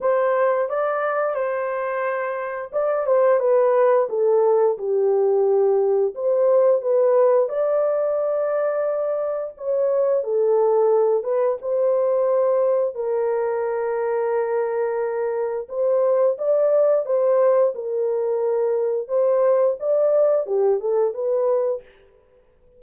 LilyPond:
\new Staff \with { instrumentName = "horn" } { \time 4/4 \tempo 4 = 88 c''4 d''4 c''2 | d''8 c''8 b'4 a'4 g'4~ | g'4 c''4 b'4 d''4~ | d''2 cis''4 a'4~ |
a'8 b'8 c''2 ais'4~ | ais'2. c''4 | d''4 c''4 ais'2 | c''4 d''4 g'8 a'8 b'4 | }